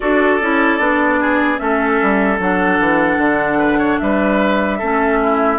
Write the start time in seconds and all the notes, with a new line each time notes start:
0.00 D4 F#4 A4 D5
0.41 C#4 E4
0.78 B3 D4
1.20 G#4
1.57 A3 C#4 A4 E5
2.02 G3
2.39 F#3 D4 F#5
2.79 E3
3.17 D3
3.58 B4
3.78 C#5
3.98 G3 B4 E5
4.78 A3 C#4 A4
5.22 E4